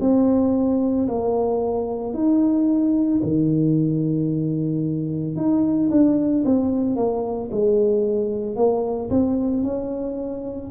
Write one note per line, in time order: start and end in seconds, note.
0.00 1.07 C4
1.08 2.14 A#3
2.14 3.21 D#4
3.22 5.36 D#3
5.36 5.89 D#4
5.90 6.44 D4
6.45 6.96 C4
6.96 7.50 A#3
7.51 8.56 G#3
8.56 9.09 A#3
9.10 9.63 C4
9.63 10.70 C#4